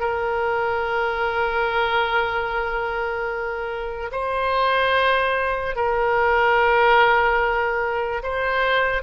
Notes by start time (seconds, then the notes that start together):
0.00 A#4
4.12 C5
5.76 A#4
8.23 C5